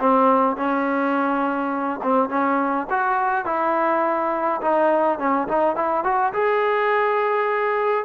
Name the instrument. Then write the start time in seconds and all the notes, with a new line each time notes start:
trombone
0.00 C4
0.56 C#4
2.03 C4
2.29 C#4
2.90 F#4
3.45 E4
4.61 D#4
5.19 C#4
5.48 D#4
5.76 E4
6.04 F#4
6.33 G#4